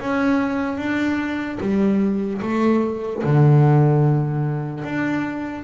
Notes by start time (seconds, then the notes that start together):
0.00 C#4
0.78 D4
1.60 G3
2.42 A3
3.24 D3
4.84 D4